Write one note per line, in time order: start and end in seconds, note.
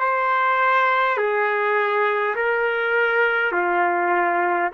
0.00 1.17 C5
1.17 2.35 G#4
2.35 3.52 A#4
3.52 4.70 F4